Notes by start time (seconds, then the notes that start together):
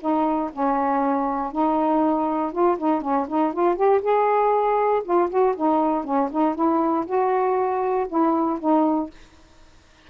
0.00 D#4
0.52 C#4
1.52 D#4
2.52 F4
2.78 D#4
3.01 C#4
3.28 D#4
3.53 F4
3.75 G4
4.02 G#4
5.04 F4
5.30 F#4
5.56 D#4
6.04 C#4
6.31 D#4
6.55 E4
7.06 F#4
8.08 E4
8.59 D#4